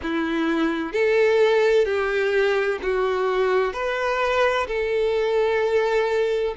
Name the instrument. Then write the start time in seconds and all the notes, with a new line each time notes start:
violin
0.02 E4
0.92 A4
1.85 G4
2.82 F#4
3.73 B4
4.67 A4